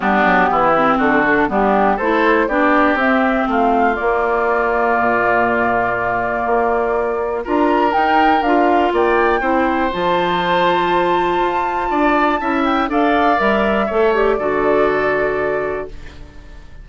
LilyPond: <<
  \new Staff \with { instrumentName = "flute" } { \time 4/4 \tempo 4 = 121 g'2 a'4 g'4 | c''4 d''4 e''4 f''4 | d''1~ | d''2. ais''4 |
g''4 f''4 g''2 | a''1~ | a''4. g''8 f''4 e''4~ | e''8 d''2.~ d''8 | }
  \new Staff \with { instrumentName = "oboe" } { \time 4/4 d'4 e'4 fis'4 d'4 | a'4 g'2 f'4~ | f'1~ | f'2. ais'4~ |
ais'2 d''4 c''4~ | c''1 | d''4 e''4 d''2 | cis''4 a'2. | }
  \new Staff \with { instrumentName = "clarinet" } { \time 4/4 b4. c'4 d'8 b4 | e'4 d'4 c'2 | ais1~ | ais2. f'4 |
dis'4 f'2 e'4 | f'1~ | f'4 e'4 a'4 ais'4 | a'8 g'8 fis'2. | }
  \new Staff \with { instrumentName = "bassoon" } { \time 4/4 g8 fis8 e4 d4 g4 | a4 b4 c'4 a4 | ais2 ais,2~ | ais,4 ais2 d'4 |
dis'4 d'4 ais4 c'4 | f2. f'4 | d'4 cis'4 d'4 g4 | a4 d2. | }
>>